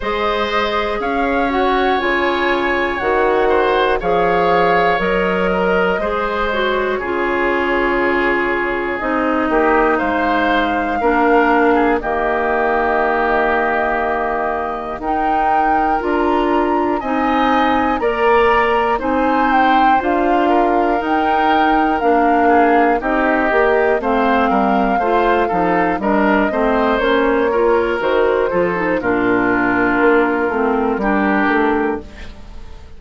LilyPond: <<
  \new Staff \with { instrumentName = "flute" } { \time 4/4 \tempo 4 = 60 dis''4 f''8 fis''8 gis''4 fis''4 | f''4 dis''4. cis''4.~ | cis''4 dis''4 f''2 | dis''2. g''4 |
ais''4 gis''4 ais''4 gis''8 g''8 | f''4 g''4 f''4 dis''4 | f''2 dis''4 cis''4 | c''4 ais'2. | }
  \new Staff \with { instrumentName = "oboe" } { \time 4/4 c''4 cis''2~ cis''8 c''8 | cis''4. ais'8 c''4 gis'4~ | gis'4. g'8 c''4 ais'8. gis'16 | g'2. ais'4~ |
ais'4 dis''4 d''4 c''4~ | c''8 ais'2 gis'8 g'4 | c''8 ais'8 c''8 a'8 ais'8 c''4 ais'8~ | ais'8 a'8 f'2 g'4 | }
  \new Staff \with { instrumentName = "clarinet" } { \time 4/4 gis'4. fis'8 f'4 fis'4 | gis'4 ais'4 gis'8 fis'8 f'4~ | f'4 dis'2 d'4 | ais2. dis'4 |
f'4 dis'4 ais'4 dis'4 | f'4 dis'4 d'4 dis'8 g'8 | c'4 f'8 dis'8 d'8 c'8 cis'8 f'8 | fis'8 f'16 dis'16 d'4. c'8 d'4 | }
  \new Staff \with { instrumentName = "bassoon" } { \time 4/4 gis4 cis'4 cis4 dis4 | f4 fis4 gis4 cis4~ | cis4 c'8 ais8 gis4 ais4 | dis2. dis'4 |
d'4 c'4 ais4 c'4 | d'4 dis'4 ais4 c'8 ais8 | a8 g8 a8 f8 g8 a8 ais4 | dis8 f8 ais,4 ais8 a8 g8 a8 | }
>>